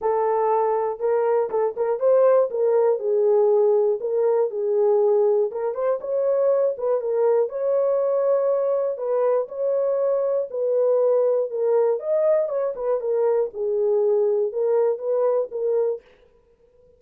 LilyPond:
\new Staff \with { instrumentName = "horn" } { \time 4/4 \tempo 4 = 120 a'2 ais'4 a'8 ais'8 | c''4 ais'4 gis'2 | ais'4 gis'2 ais'8 c''8 | cis''4. b'8 ais'4 cis''4~ |
cis''2 b'4 cis''4~ | cis''4 b'2 ais'4 | dis''4 cis''8 b'8 ais'4 gis'4~ | gis'4 ais'4 b'4 ais'4 | }